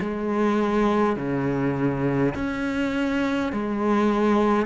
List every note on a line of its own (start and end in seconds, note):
0.00 1.16 G#3
1.16 2.34 C#3
2.34 3.52 C#4
3.52 4.65 G#3